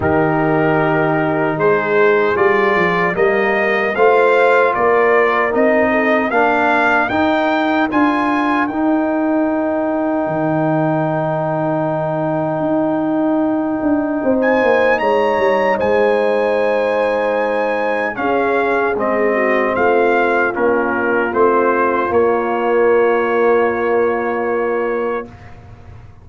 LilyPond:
<<
  \new Staff \with { instrumentName = "trumpet" } { \time 4/4 \tempo 4 = 76 ais'2 c''4 d''4 | dis''4 f''4 d''4 dis''4 | f''4 g''4 gis''4 g''4~ | g''1~ |
g''2~ g''16 gis''8. ais''4 | gis''2. f''4 | dis''4 f''4 ais'4 c''4 | cis''1 | }
  \new Staff \with { instrumentName = "horn" } { \time 4/4 g'2 gis'2 | ais'4 c''4 ais'4. a'8 | ais'1~ | ais'1~ |
ais'2 c''4 cis''4 | c''2. gis'4~ | gis'8 fis'8 f'2.~ | f'1 | }
  \new Staff \with { instrumentName = "trombone" } { \time 4/4 dis'2. f'4 | ais4 f'2 dis'4 | d'4 dis'4 f'4 dis'4~ | dis'1~ |
dis'1~ | dis'2. cis'4 | c'2 cis'4 c'4 | ais1 | }
  \new Staff \with { instrumentName = "tuba" } { \time 4/4 dis2 gis4 g8 f8 | g4 a4 ais4 c'4 | ais4 dis'4 d'4 dis'4~ | dis'4 dis2. |
dis'4. d'8 c'8 ais8 gis8 g8 | gis2. cis'4 | gis4 a4 ais4 a4 | ais1 | }
>>